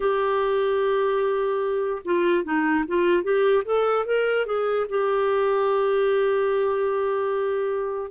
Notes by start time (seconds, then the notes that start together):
0.00 G4
2.04 F4
2.43 D#4
2.87 F4
3.23 G4
3.64 A4
4.05 A#4
4.46 G#4
4.89 G4